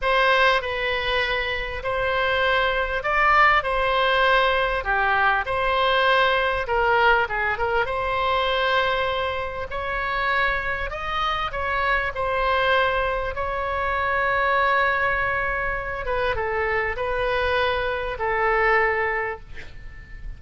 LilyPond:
\new Staff \with { instrumentName = "oboe" } { \time 4/4 \tempo 4 = 99 c''4 b'2 c''4~ | c''4 d''4 c''2 | g'4 c''2 ais'4 | gis'8 ais'8 c''2. |
cis''2 dis''4 cis''4 | c''2 cis''2~ | cis''2~ cis''8 b'8 a'4 | b'2 a'2 | }